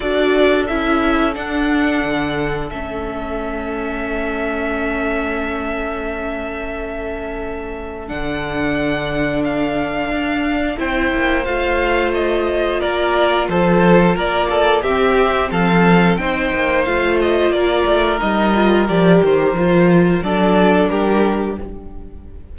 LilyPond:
<<
  \new Staff \with { instrumentName = "violin" } { \time 4/4 \tempo 4 = 89 d''4 e''4 fis''2 | e''1~ | e''1 | fis''2 f''2 |
g''4 f''4 dis''4 d''4 | c''4 d''4 e''4 f''4 | g''4 f''8 dis''8 d''4 dis''4 | d''8 c''4. d''4 ais'4 | }
  \new Staff \with { instrumentName = "violin" } { \time 4/4 a'1~ | a'1~ | a'1~ | a'1 |
c''2. ais'4 | a'4 ais'8 a'8 g'4 a'4 | c''2 ais'2~ | ais'2 a'4 g'4 | }
  \new Staff \with { instrumentName = "viola" } { \time 4/4 fis'4 e'4 d'2 | cis'1~ | cis'1 | d'1 |
e'4 f'2.~ | f'2 c'2 | dis'4 f'2 dis'8 f'8 | g'4 f'4 d'2 | }
  \new Staff \with { instrumentName = "cello" } { \time 4/4 d'4 cis'4 d'4 d4 | a1~ | a1 | d2. d'4 |
c'8 ais8 a2 ais4 | f4 ais4 c'4 f4 | c'8 ais8 a4 ais8 a8 g4 | f8 dis8 f4 fis4 g4 | }
>>